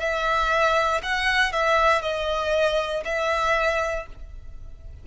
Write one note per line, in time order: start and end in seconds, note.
0.00 1.02 E5
1.03 1.53 F#5
1.53 2.02 E5
2.02 3.04 D#5
3.05 4.07 E5